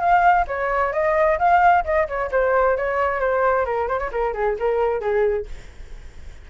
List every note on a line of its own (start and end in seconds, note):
0.00 0.45 F5
0.47 0.93 C#5
0.93 1.38 D#5
1.39 1.84 F5
1.85 2.07 D#5
2.08 2.30 C#5
2.31 2.77 C5
2.77 3.20 C#5
3.20 3.65 C5
3.65 3.88 A#4
3.88 3.99 C5
3.99 4.10 C#5
4.12 4.33 A#4
4.33 4.56 G#4
4.59 5.00 A#4
5.00 5.46 G#4